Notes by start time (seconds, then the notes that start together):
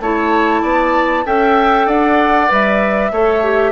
0.00 A3 E4 C#5 A5
0.62 B3 D5
1.25 C#4 A4 E5 G5
1.87 D4 D5 F#5
2.48 G3 B4 E5
3.12 A3 A4 C#5
3.44 G4